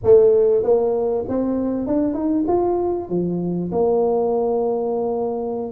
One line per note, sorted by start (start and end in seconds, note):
0.03 0.63 A3
0.63 1.25 A#3
1.28 1.86 C4
1.86 2.14 D4
2.14 2.45 D#4
2.47 3.09 F4
3.09 3.71 F3
3.71 5.72 A#3